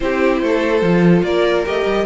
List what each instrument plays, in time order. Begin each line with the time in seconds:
0.00 cello C4, viola E4, violin G4 C5
0.42 cello A3, violin A4
0.82 cello F3, viola F4
1.22 cello A#3, violin A#4 D5
1.66 cello A3, viola G4, violin D#5
1.84 cello G3